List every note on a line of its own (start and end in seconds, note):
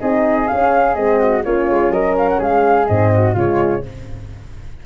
0.00 0.50 C4
0.00 0.49 D#4
0.00 1.19 G#4
0.00 0.48 D#5
0.48 0.95 C#4
0.48 0.96 C#4
0.48 0.95 F5
0.95 1.44 G#3
0.95 1.43 C4
0.95 1.43 D#5
1.19 1.43 F#4
1.44 1.70 A#3
1.44 2.87 C#4
1.44 1.92 F4
1.44 1.91 C#5
1.70 1.90 G#3
1.90 2.38 F#3
1.90 2.39 A#4
1.90 2.15 D#5
2.18 2.29 F5
2.29 2.41 F#5
2.39 2.88 G#3
2.39 3.11 G#4
2.39 2.87 F5
2.87 3.36 G#2
2.87 3.35 C4
2.87 3.35 D#5
3.14 3.33 F#4
3.33 3.84 C#3
3.33 3.84 G#3
3.33 3.81 F4
3.33 3.86 C#5